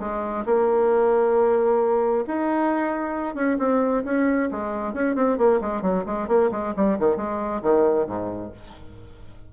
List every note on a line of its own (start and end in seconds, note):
0.00 0.45 G#3
0.45 2.24 A#3
2.27 3.35 D#4
3.35 3.57 C#4
3.59 4.03 C4
4.04 4.49 C#4
4.51 4.94 G#3
4.94 5.15 C#4
5.15 5.38 C4
5.38 5.60 A#3
5.61 5.82 G#3
5.82 6.04 F#3
6.06 6.28 G#3
6.28 6.50 A#3
6.51 6.74 G#3
6.76 6.99 G3
6.99 7.16 D#3
7.16 7.61 G#3
7.62 8.07 D#3
8.07 8.51 G#2